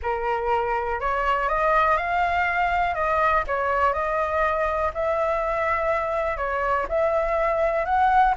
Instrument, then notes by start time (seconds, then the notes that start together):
flute
0.02 A#4
1.00 C#5
1.48 D#5
1.97 F5
2.94 D#5
3.47 C#5
3.93 D#5
4.94 E5
6.37 C#5
6.89 E5
7.85 F#5